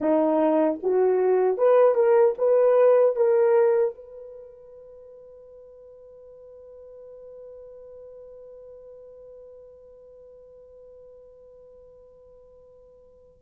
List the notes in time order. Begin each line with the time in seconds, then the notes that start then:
0.00 D#4
0.83 F#4
1.57 B4
1.94 A#4
2.38 B4
3.15 A#4
3.94 B4